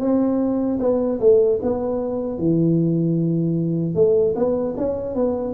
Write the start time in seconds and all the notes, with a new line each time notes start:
0.00 C4
0.80 B3
1.20 A3
1.63 B3
2.38 E3
3.95 A3
4.35 B3
4.77 C#4
5.15 B3